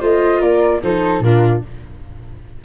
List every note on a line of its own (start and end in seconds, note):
0.00 0.42 A3
0.00 0.81 F4
0.00 0.40 C5
0.00 0.42 D#5
0.40 0.82 A#3
0.40 0.80 A#4
0.40 0.82 D5
0.83 1.20 F3
0.83 1.24 D#4
0.83 1.23 A4
0.83 1.22 C5
1.20 1.60 A#2
1.20 1.65 D4
1.20 1.63 F4
1.20 1.63 A#4